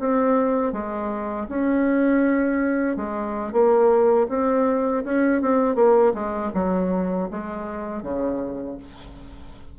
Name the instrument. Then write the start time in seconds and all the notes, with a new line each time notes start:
bassoon
0.00 C4
0.73 G#3
1.49 C#4
2.97 G#3
3.53 A#3
4.29 C4
5.05 C#4
5.42 C4
5.76 A#3
6.14 G#3
6.55 F#3
7.31 G#3
8.03 C#3